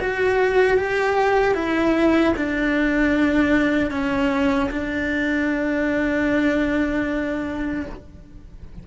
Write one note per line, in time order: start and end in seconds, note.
0.00 0.77 F#4
0.77 1.54 G4
1.54 2.33 E4
2.36 3.91 D4
3.91 4.70 C#4
4.70 7.86 D4